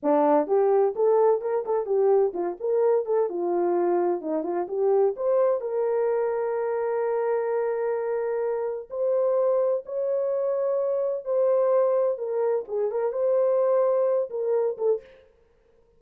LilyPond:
\new Staff \with { instrumentName = "horn" } { \time 4/4 \tempo 4 = 128 d'4 g'4 a'4 ais'8 a'8 | g'4 f'8 ais'4 a'8 f'4~ | f'4 dis'8 f'8 g'4 c''4 | ais'1~ |
ais'2. c''4~ | c''4 cis''2. | c''2 ais'4 gis'8 ais'8 | c''2~ c''8 ais'4 a'8 | }